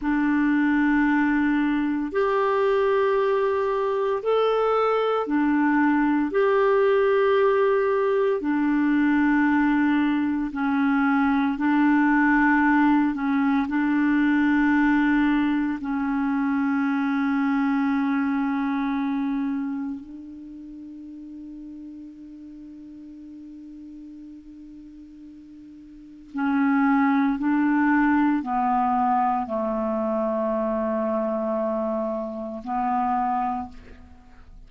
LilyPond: \new Staff \with { instrumentName = "clarinet" } { \time 4/4 \tempo 4 = 57 d'2 g'2 | a'4 d'4 g'2 | d'2 cis'4 d'4~ | d'8 cis'8 d'2 cis'4~ |
cis'2. d'4~ | d'1~ | d'4 cis'4 d'4 b4 | a2. b4 | }